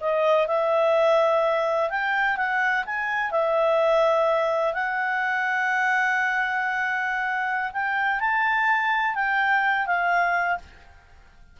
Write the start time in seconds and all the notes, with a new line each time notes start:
0.00 D#5
0.47 E5
1.90 G5
2.36 F#5
2.85 G#5
3.31 E5
4.73 F#5
7.72 G5
8.19 A5
9.15 G5
9.86 F5